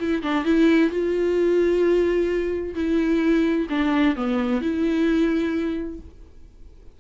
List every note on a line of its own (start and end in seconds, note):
0.00 0.23 E4
0.23 0.45 D4
0.45 0.90 E4
0.90 2.75 F4
2.75 3.67 E4
3.70 4.16 D4
4.16 4.61 B3
4.61 6.00 E4